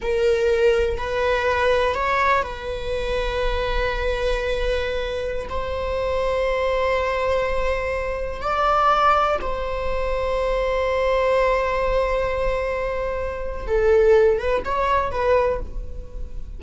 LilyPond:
\new Staff \with { instrumentName = "viola" } { \time 4/4 \tempo 4 = 123 ais'2 b'2 | cis''4 b'2.~ | b'2.~ b'16 c''8.~ | c''1~ |
c''4~ c''16 d''2 c''8.~ | c''1~ | c''1 | a'4. b'8 cis''4 b'4 | }